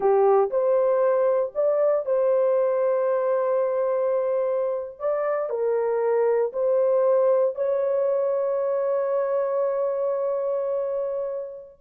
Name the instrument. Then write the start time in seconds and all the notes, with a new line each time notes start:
horn
0.00 G4
0.50 C5
1.54 D5
2.05 C5
4.99 D5
5.49 A#4
6.52 C5
7.55 C#5